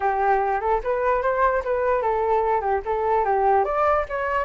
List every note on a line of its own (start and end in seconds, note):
0.00 0.60 G4
0.60 0.81 A4
0.83 1.22 B4
1.22 1.63 C5
1.64 2.02 B4
2.02 2.61 A4
2.61 2.81 G4
2.85 3.25 A4
3.25 3.64 G4
3.64 4.05 D5
4.08 4.44 C#5